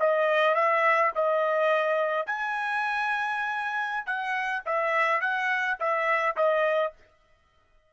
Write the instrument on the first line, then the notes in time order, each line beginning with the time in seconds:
trumpet
0.00 D#5
0.55 E5
1.16 D#5
2.27 G#5
4.07 F#5
4.66 E5
5.21 F#5
5.80 E5
6.37 D#5